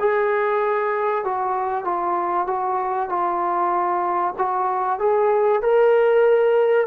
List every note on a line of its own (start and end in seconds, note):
0.00 1.25 G#4
1.25 1.85 F#4
1.85 2.47 F4
2.47 3.09 F#4
3.09 4.34 F4
4.38 5.00 F#4
5.00 5.62 G#4
5.62 6.87 A#4